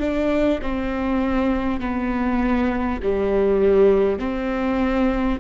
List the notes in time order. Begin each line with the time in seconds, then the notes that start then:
0.00 D4
0.62 C4
1.81 B3
3.03 G3
4.19 C4